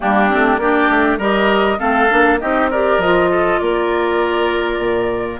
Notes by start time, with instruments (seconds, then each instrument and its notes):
0.00 bassoon G3, clarinet A#3, oboe D4, flute G4
0.28 bassoon A3, clarinet C4
0.57 bassoon A#3, clarinet D4, oboe G4, flute D5
0.90 bassoon A3
1.18 bassoon G3, clarinet G4, oboe A#4, flute D#5
1.78 bassoon A3, clarinet C4, oboe A4, flute F5
2.09 bassoon A#3, clarinet D4
2.39 bassoon C4, clarinet D#4, oboe G4, flute D#5
2.70 clarinet G4, oboe A#4, flute D5
2.98 bassoon F3, clarinet F4, flute D#5
3.31 oboe A4
3.59 bassoon A#3, oboe A#4, flute D5
4.78 bassoon A#2